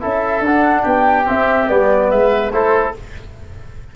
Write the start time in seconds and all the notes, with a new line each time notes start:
0.00 C#4 E4 A4 E5
0.40 D4 F#5
0.47 D4
0.81 B3 G4 G5
1.24 C4 E5
1.67 G3 B3 D5
2.10 G#3 B4 E5
2.52 A3 E4 A4 C5